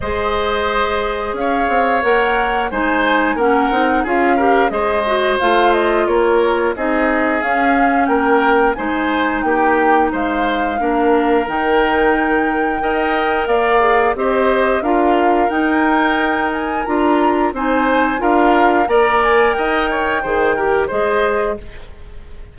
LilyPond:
<<
  \new Staff \with { instrumentName = "flute" } { \time 4/4 \tempo 4 = 89 dis''2 f''4 fis''4 | gis''4 fis''4 f''4 dis''4 | f''8 dis''8 cis''4 dis''4 f''4 | g''4 gis''4 g''4 f''4~ |
f''4 g''2. | f''4 dis''4 f''4 g''4~ | g''8 gis''8 ais''4 gis''4 f''4 | ais''8 gis''8 g''2 dis''4 | }
  \new Staff \with { instrumentName = "oboe" } { \time 4/4 c''2 cis''2 | c''4 ais'4 gis'8 ais'8 c''4~ | c''4 ais'4 gis'2 | ais'4 c''4 g'4 c''4 |
ais'2. dis''4 | d''4 c''4 ais'2~ | ais'2 c''4 ais'4 | d''4 dis''8 cis''8 c''8 ais'8 c''4 | }
  \new Staff \with { instrumentName = "clarinet" } { \time 4/4 gis'2. ais'4 | dis'4 cis'8 dis'8 f'8 g'8 gis'8 fis'8 | f'2 dis'4 cis'4~ | cis'4 dis'2. |
d'4 dis'2 ais'4~ | ais'8 gis'8 g'4 f'4 dis'4~ | dis'4 f'4 dis'4 f'4 | ais'2 gis'8 g'8 gis'4 | }
  \new Staff \with { instrumentName = "bassoon" } { \time 4/4 gis2 cis'8 c'8 ais4 | gis4 ais8 c'8 cis'4 gis4 | a4 ais4 c'4 cis'4 | ais4 gis4 ais4 gis4 |
ais4 dis2 dis'4 | ais4 c'4 d'4 dis'4~ | dis'4 d'4 c'4 d'4 | ais4 dis'4 dis4 gis4 | }
>>